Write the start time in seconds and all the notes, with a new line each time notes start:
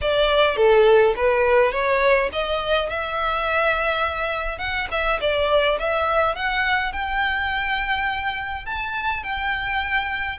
0.01 D5
0.56 A4
1.16 B4
1.72 C#5
2.32 D#5
2.89 E5
4.58 F#5
4.91 E5
5.21 D5
5.79 E5
6.35 F#5
6.92 G5
8.65 A5
9.23 G5